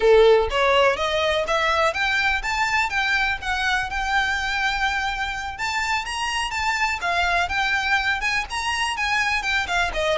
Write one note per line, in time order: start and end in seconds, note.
0.00 0.48 A4
0.50 0.96 C#5
0.96 1.44 D#5
1.47 1.93 E5
1.93 2.41 G5
2.42 2.89 A5
2.89 3.38 G5
3.41 3.90 F#5
3.90 5.58 G5
5.58 6.05 A5
6.05 6.51 A#5
6.51 6.99 A5
7.01 7.48 F5
7.48 8.20 G5
8.20 8.44 G#5
8.50 8.96 A#5
8.96 9.42 G#5
9.42 9.66 G5
9.67 9.91 F5
9.93 10.17 D#5